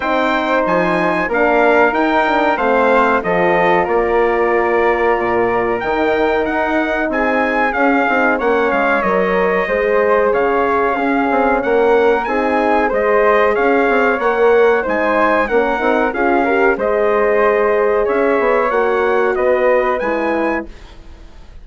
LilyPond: <<
  \new Staff \with { instrumentName = "trumpet" } { \time 4/4 \tempo 4 = 93 g''4 gis''4 f''4 g''4 | f''4 dis''4 d''2~ | d''4 g''4 fis''4 gis''4 | f''4 fis''8 f''8 dis''2 |
f''2 fis''4 gis''4 | dis''4 f''4 fis''4 gis''4 | fis''4 f''4 dis''2 | e''4 fis''4 dis''4 gis''4 | }
  \new Staff \with { instrumentName = "flute" } { \time 4/4 c''2 ais'2 | c''4 a'4 ais'2~ | ais'2. gis'4~ | gis'4 cis''2 c''4 |
cis''4 gis'4 ais'4 gis'4 | c''4 cis''2 c''4 | ais'4 gis'8 ais'8 c''2 | cis''2 b'2 | }
  \new Staff \with { instrumentName = "horn" } { \time 4/4 dis'2 d'4 dis'8 d'8 | c'4 f'2.~ | f'4 dis'2. | cis'8 dis'8 cis'4 ais'4 gis'4~ |
gis'4 cis'2 dis'4 | gis'2 ais'4 dis'4 | cis'8 dis'8 f'8 g'8 gis'2~ | gis'4 fis'2 e'4 | }
  \new Staff \with { instrumentName = "bassoon" } { \time 4/4 c'4 f4 ais4 dis'4 | a4 f4 ais2 | ais,4 dis4 dis'4 c'4 | cis'8 c'8 ais8 gis8 fis4 gis4 |
cis4 cis'8 c'8 ais4 c'4 | gis4 cis'8 c'8 ais4 gis4 | ais8 c'8 cis'4 gis2 | cis'8 b8 ais4 b4 gis4 | }
>>